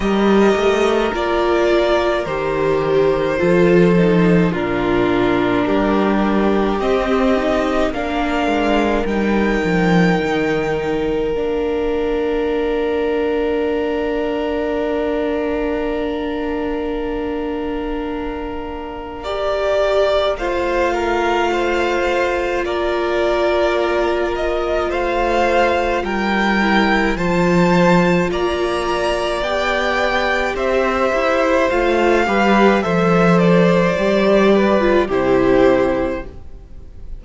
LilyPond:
<<
  \new Staff \with { instrumentName = "violin" } { \time 4/4 \tempo 4 = 53 dis''4 d''4 c''2 | ais'2 dis''4 f''4 | g''2 f''2~ | f''1~ |
f''4 d''4 f''2 | d''4. dis''8 f''4 g''4 | a''4 ais''4 g''4 e''4 | f''4 e''8 d''4. c''4 | }
  \new Staff \with { instrumentName = "violin" } { \time 4/4 ais'2. a'4 | f'4 g'2 ais'4~ | ais'1~ | ais'1~ |
ais'2 c''8 ais'8 c''4 | ais'2 c''4 ais'4 | c''4 d''2 c''4~ | c''8 b'8 c''4. b'8 g'4 | }
  \new Staff \with { instrumentName = "viola" } { \time 4/4 g'4 f'4 g'4 f'8 dis'8 | d'2 c'8 dis'8 d'4 | dis'2 d'2~ | d'1~ |
d'4 g'4 f'2~ | f'2.~ f'8 e'8 | f'2 g'2 | f'8 g'8 a'4 g'8. f'16 e'4 | }
  \new Staff \with { instrumentName = "cello" } { \time 4/4 g8 a8 ais4 dis4 f4 | ais,4 g4 c'4 ais8 gis8 | g8 f8 dis4 ais2~ | ais1~ |
ais2 a2 | ais2 a4 g4 | f4 ais4 b4 c'8 e'8 | a8 g8 f4 g4 c4 | }
>>